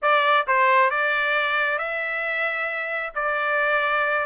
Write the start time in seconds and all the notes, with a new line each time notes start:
0.02 D5
0.47 C5
0.90 D5
1.78 E5
3.14 D5